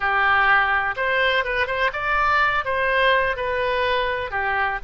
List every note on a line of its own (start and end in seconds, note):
0.00 0.95 G4
0.96 1.44 C5
1.44 1.66 B4
1.66 1.90 C5
1.92 2.64 D5
2.64 3.36 C5
3.36 4.30 B4
4.30 4.78 G4